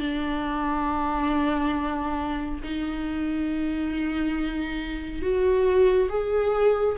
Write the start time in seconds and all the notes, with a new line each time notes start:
0.00 D4
2.64 D#4
5.22 F#4
6.09 G#4